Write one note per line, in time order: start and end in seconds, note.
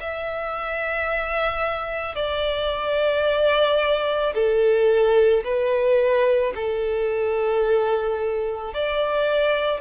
0.00 2.15 E5
2.15 4.33 D5
4.34 5.43 A4
5.44 6.53 B4
6.55 8.73 A4
8.73 9.80 D5